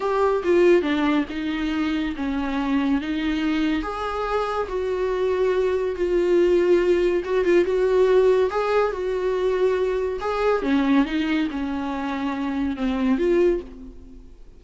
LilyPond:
\new Staff \with { instrumentName = "viola" } { \time 4/4 \tempo 4 = 141 g'4 f'4 d'4 dis'4~ | dis'4 cis'2 dis'4~ | dis'4 gis'2 fis'4~ | fis'2 f'2~ |
f'4 fis'8 f'8 fis'2 | gis'4 fis'2. | gis'4 cis'4 dis'4 cis'4~ | cis'2 c'4 f'4 | }